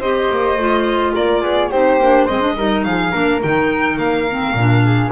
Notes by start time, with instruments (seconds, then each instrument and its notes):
0.00 double bass C4, clarinet G4, flute C5, violin D#5
0.31 double bass A#3
0.57 double bass A3, clarinet F4
1.15 double bass A#3, flute A#4, violin D5
1.42 double bass B3, flute G#4
1.71 double bass C4, clarinet D#4, flute G4, violin C5
1.99 double bass A#3, clarinet D4
2.25 double bass G#3, clarinet C4, flute C5, violin D#5
2.41 clarinet D4
2.57 double bass G3, clarinet D#4, flute A#4
2.84 double bass F3, flute G#4, violin F5
3.12 double bass A#3, clarinet D4, flute A#4
3.43 double bass D#3, clarinet D#4, violin G5
3.98 double bass A#3, violin F5
4.29 clarinet C4
4.54 double bass A#2, clarinet D4
4.85 flute G#4